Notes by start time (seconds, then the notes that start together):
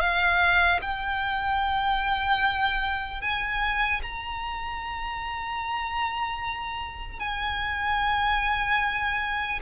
0.00 F5
0.82 G5
3.21 G#5
4.03 A#5
7.20 G#5